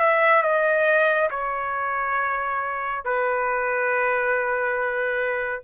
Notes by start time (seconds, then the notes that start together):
0.00 E5
0.43 D#5
1.31 C#5
3.05 B4